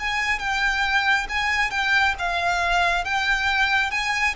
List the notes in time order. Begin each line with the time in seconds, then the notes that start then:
0.00 G#5
0.39 G5
1.29 G#5
1.71 G5
2.19 F5
3.05 G5
3.91 G#5